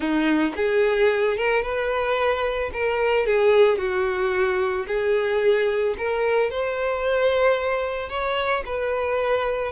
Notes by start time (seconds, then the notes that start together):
0.00 D#4
0.56 G#4
1.37 A#4
1.62 B4
2.73 A#4
3.26 G#4
3.78 F#4
4.87 G#4
5.97 A#4
6.50 C5
8.09 C#5
8.65 B4